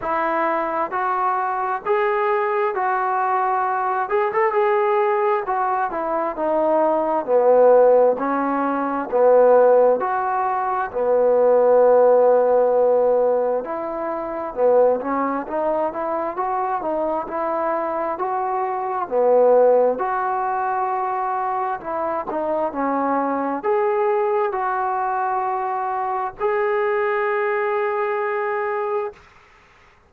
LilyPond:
\new Staff \with { instrumentName = "trombone" } { \time 4/4 \tempo 4 = 66 e'4 fis'4 gis'4 fis'4~ | fis'8 gis'16 a'16 gis'4 fis'8 e'8 dis'4 | b4 cis'4 b4 fis'4 | b2. e'4 |
b8 cis'8 dis'8 e'8 fis'8 dis'8 e'4 | fis'4 b4 fis'2 | e'8 dis'8 cis'4 gis'4 fis'4~ | fis'4 gis'2. | }